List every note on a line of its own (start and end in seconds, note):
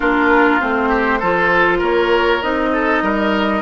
0.00 0.61 A#3
0.00 0.60 D4
0.00 0.88 F4
0.00 0.60 A#4
0.60 1.22 A3
0.60 1.20 C4
0.60 1.81 C5
0.88 1.19 G4
1.19 1.81 F3
1.19 2.42 F4
1.19 1.78 A4
1.78 2.41 A#3
1.78 2.69 A#4
1.78 2.42 C#5
2.42 3.02 C4
2.42 3.62 D#4
2.42 3.62 D#5
2.72 3.03 A4
3.02 3.62 G3
3.02 3.62 A#4